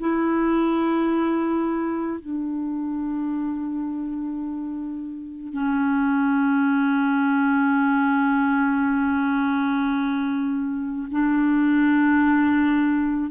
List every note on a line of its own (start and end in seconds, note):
0.00 2.20 E4
2.20 5.53 D4
5.53 11.09 C#4
11.11 13.30 D4